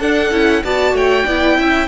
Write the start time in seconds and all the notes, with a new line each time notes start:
0.00 D4 A4 F#5
0.32 C#4 E4
0.64 B3 F#4 D5 A5
0.93 A3 C#5 G5
1.26 B3 E4 D5
1.58 C#4 E5